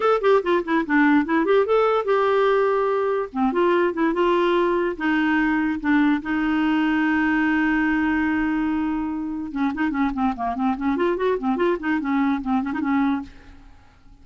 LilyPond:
\new Staff \with { instrumentName = "clarinet" } { \time 4/4 \tempo 4 = 145 a'8 g'8 f'8 e'8 d'4 e'8 g'8 | a'4 g'2. | c'8 f'4 e'8 f'2 | dis'2 d'4 dis'4~ |
dis'1~ | dis'2. cis'8 dis'8 | cis'8 c'8 ais8 c'8 cis'8 f'8 fis'8 c'8 | f'8 dis'8 cis'4 c'8 cis'16 dis'16 cis'4 | }